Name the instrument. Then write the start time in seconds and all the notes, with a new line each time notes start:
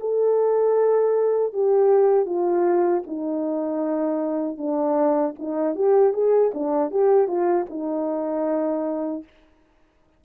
horn
0.00 A4
1.53 G4
2.26 F4
3.07 D#4
4.58 D4
5.39 D#4
5.75 G4
6.13 G#4
6.54 D4
6.91 G4
7.28 F4
7.70 D#4